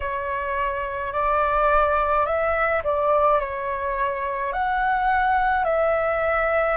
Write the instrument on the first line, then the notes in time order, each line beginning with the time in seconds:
flute
0.00 C#5
1.13 D5
2.25 E5
2.83 D5
3.40 C#5
4.52 F#5
5.64 E5